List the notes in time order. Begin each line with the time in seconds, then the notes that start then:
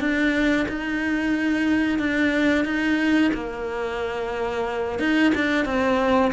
0.00 D4
0.69 D#4
1.99 D4
2.65 D#4
3.34 A#3
4.99 D#4
5.35 D4
5.65 C4